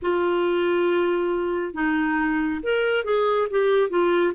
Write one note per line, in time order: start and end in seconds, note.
0.02 1.74 F4
1.74 2.60 D#4
2.62 3.04 A#4
3.04 3.48 G#4
3.50 3.89 G4
3.89 4.33 F4